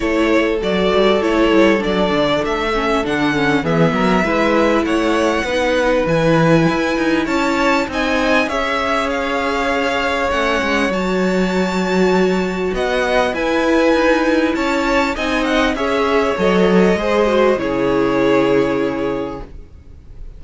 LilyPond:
<<
  \new Staff \with { instrumentName = "violin" } { \time 4/4 \tempo 4 = 99 cis''4 d''4 cis''4 d''4 | e''4 fis''4 e''2 | fis''2 gis''2 | a''4 gis''4 e''4 f''4~ |
f''4 fis''4 a''2~ | a''4 fis''4 gis''2 | a''4 gis''8 fis''8 e''4 dis''4~ | dis''4 cis''2. | }
  \new Staff \with { instrumentName = "violin" } { \time 4/4 a'1~ | a'2 gis'8 ais'8 b'4 | cis''4 b'2. | cis''4 dis''4 cis''2~ |
cis''1~ | cis''4 dis''4 b'2 | cis''4 dis''4 cis''2 | c''4 gis'2. | }
  \new Staff \with { instrumentName = "viola" } { \time 4/4 e'4 fis'4 e'4 d'4~ | d'8 cis'8 d'8 cis'8 b4 e'4~ | e'4 dis'4 e'2~ | e'4 dis'4 gis'2~ |
gis'4 cis'4 fis'2~ | fis'2 e'2~ | e'4 dis'4 gis'4 a'4 | gis'8 fis'8 e'2. | }
  \new Staff \with { instrumentName = "cello" } { \time 4/4 a4 fis8 g8 a8 g8 fis8 d8 | a4 d4 e8 fis8 gis4 | a4 b4 e4 e'8 dis'8 | cis'4 c'4 cis'2~ |
cis'4 a8 gis8 fis2~ | fis4 b4 e'4 dis'4 | cis'4 c'4 cis'4 fis4 | gis4 cis2. | }
>>